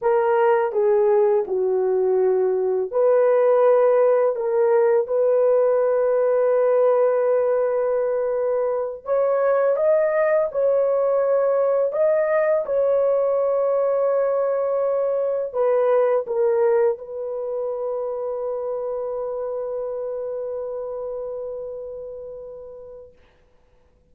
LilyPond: \new Staff \with { instrumentName = "horn" } { \time 4/4 \tempo 4 = 83 ais'4 gis'4 fis'2 | b'2 ais'4 b'4~ | b'1~ | b'8 cis''4 dis''4 cis''4.~ |
cis''8 dis''4 cis''2~ cis''8~ | cis''4. b'4 ais'4 b'8~ | b'1~ | b'1 | }